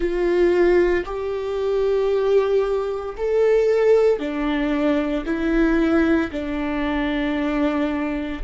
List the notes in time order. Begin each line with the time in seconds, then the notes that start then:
0.00 F4
1.05 G4
3.17 A4
4.19 D4
5.25 E4
6.32 D4